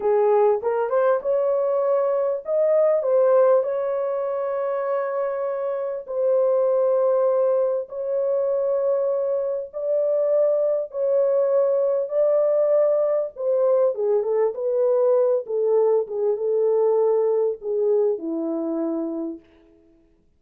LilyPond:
\new Staff \with { instrumentName = "horn" } { \time 4/4 \tempo 4 = 99 gis'4 ais'8 c''8 cis''2 | dis''4 c''4 cis''2~ | cis''2 c''2~ | c''4 cis''2. |
d''2 cis''2 | d''2 c''4 gis'8 a'8 | b'4. a'4 gis'8 a'4~ | a'4 gis'4 e'2 | }